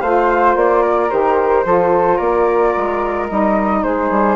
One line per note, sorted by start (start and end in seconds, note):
0.00 0.55 A3
0.00 1.09 F4
0.00 0.82 C5
0.00 0.55 F5
0.55 1.09 A#3
0.55 1.09 D5
0.82 1.64 A#4
1.09 1.64 D#3
1.09 1.64 G4
1.09 2.17 C5
1.64 2.19 F3
1.64 3.28 F4
1.64 2.16 A4
2.16 2.74 A#3
2.16 3.80 A#4
2.16 3.26 D5
2.76 3.30 G#3
3.28 3.84 G3
3.28 4.36 D#4
3.28 3.83 D#5
3.83 4.10 G#3
3.83 4.36 G#4
3.83 4.36 C5
4.10 4.36 G3